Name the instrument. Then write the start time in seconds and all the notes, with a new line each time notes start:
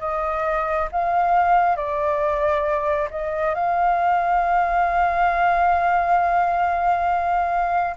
flute
0.00 D#5
0.92 F5
1.76 D5
3.10 D#5
3.55 F5